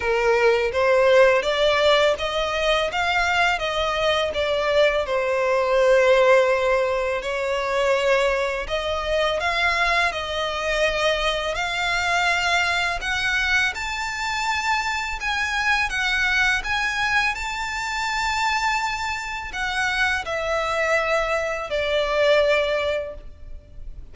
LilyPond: \new Staff \with { instrumentName = "violin" } { \time 4/4 \tempo 4 = 83 ais'4 c''4 d''4 dis''4 | f''4 dis''4 d''4 c''4~ | c''2 cis''2 | dis''4 f''4 dis''2 |
f''2 fis''4 a''4~ | a''4 gis''4 fis''4 gis''4 | a''2. fis''4 | e''2 d''2 | }